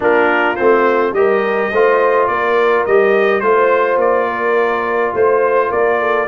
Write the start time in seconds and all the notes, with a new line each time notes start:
0.00 A#3 D4 F4 A#4
0.55 A3 C4 C5
1.12 G3 G4 A#4 D#5
1.72 A3 F4 C5
2.27 A#3 A#4 D5
2.85 G3 G4 D#5
3.40 A3 F4 C5
3.96 A#3 D5
4.28 A#4
5.13 A3 C5
5.69 A#3 A#4 D5
6.00 A4